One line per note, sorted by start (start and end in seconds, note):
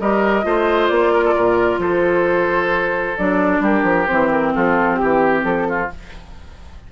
0.00 0.45 G3
0.00 0.43 G4
0.00 0.46 A#4
0.00 0.88 D#5
0.43 0.90 A3
0.43 3.16 F4
0.43 1.13 C5
0.88 1.36 A#3
0.88 1.79 D5
1.13 1.24 A#4
1.25 1.35 A4
1.35 1.79 A#2
1.35 1.80 A#4
1.79 3.15 F3
1.79 3.62 A4
1.79 3.18 C5
3.18 3.60 F#3
3.18 4.07 D4
3.18 3.63 D5
3.60 3.83 G3
3.60 4.53 G4
3.60 4.07 A#4
3.84 4.06 F3
4.07 4.56 E3
4.07 5.89 C4
4.07 4.29 C5
4.31 4.54 A#4
4.55 5.02 F3
4.55 5.00 F4
4.55 4.95 A4
4.95 5.41 G4
4.95 5.68 G4
5.03 5.44 E3
5.44 5.89 F3
5.44 5.90 A4
5.69 5.92 F4